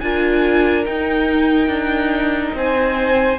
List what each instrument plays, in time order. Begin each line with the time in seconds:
0.00 cello D4, viola F4, violin A#4 G#5
0.85 viola D#4, cello D#4, violin G5
1.67 cello D4
2.54 cello C4, violin C5 G#5